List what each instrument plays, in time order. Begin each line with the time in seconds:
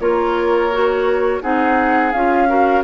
0.00 bassoon A#3, clarinet F4, oboe A#4, flute C#5
0.72 clarinet F#4
1.42 bassoon C4, clarinet D#4, oboe G#4, flute F#5
2.12 bassoon C#4, clarinet F4, flute F5
2.48 clarinet F#4, oboe A#4